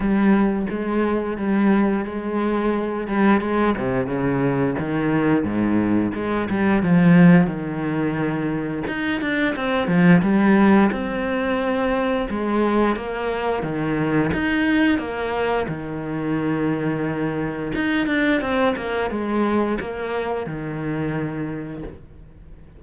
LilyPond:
\new Staff \with { instrumentName = "cello" } { \time 4/4 \tempo 4 = 88 g4 gis4 g4 gis4~ | gis8 g8 gis8 c8 cis4 dis4 | gis,4 gis8 g8 f4 dis4~ | dis4 dis'8 d'8 c'8 f8 g4 |
c'2 gis4 ais4 | dis4 dis'4 ais4 dis4~ | dis2 dis'8 d'8 c'8 ais8 | gis4 ais4 dis2 | }